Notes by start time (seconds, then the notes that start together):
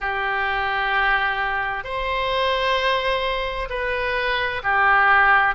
0.00 G4
1.83 C5
3.69 B4
4.63 G4